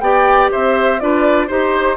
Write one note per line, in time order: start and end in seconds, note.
0.00 0.49 B3
0.00 1.00 G4
0.00 0.51 D5
0.00 0.49 G5
0.51 1.01 C4
0.51 1.01 C5
0.51 0.99 E5
0.99 1.49 D4
0.99 1.49 F4
0.99 1.47 B4
0.99 1.48 D5
1.47 1.97 D#4
1.47 1.97 G4
1.47 1.96 C5
1.47 1.97 C5